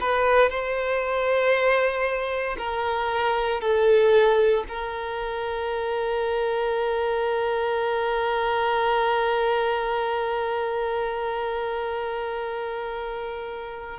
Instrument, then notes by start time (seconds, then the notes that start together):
violin
0.00 B4
0.49 C5
2.58 A#4
3.60 A4
4.68 A#4